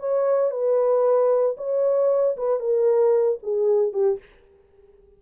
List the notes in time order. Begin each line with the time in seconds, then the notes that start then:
0.00 C#5
0.51 B4
1.58 C#5
2.37 B4
2.60 A#4
3.43 G#4
3.93 G4